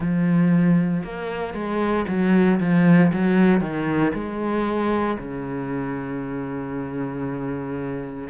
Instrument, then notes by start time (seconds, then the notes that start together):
cello
0.00 F3
1.03 A#3
1.54 G#3
2.07 F#3
2.60 F3
3.13 F#3
3.60 D#3
4.14 G#3
5.18 C#3